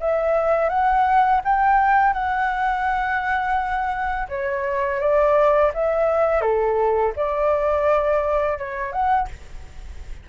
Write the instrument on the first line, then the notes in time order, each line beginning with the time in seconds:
flute
0.00 E5
0.69 F#5
1.44 G5
2.13 F#5
4.29 C#5
5.00 D5
5.74 E5
6.41 A4
7.16 D5
8.58 C#5
8.92 F#5